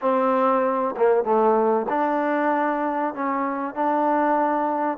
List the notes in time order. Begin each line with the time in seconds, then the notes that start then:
0.01 C4
0.97 A#3
1.24 A3
1.89 D4
3.14 C#4
3.74 D4